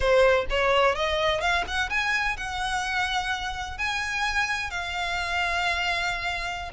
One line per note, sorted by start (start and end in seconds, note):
0.00 0.45 C5
0.50 0.95 C#5
0.95 1.40 D#5
1.40 1.64 F5
1.67 1.89 F#5
1.89 2.36 G#5
2.36 3.78 F#5
3.78 4.70 G#5
4.70 6.71 F5